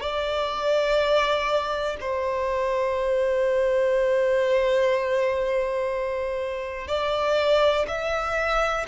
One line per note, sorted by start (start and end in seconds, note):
0.00 1.97 D5
2.00 6.87 C5
6.87 7.86 D5
7.87 8.86 E5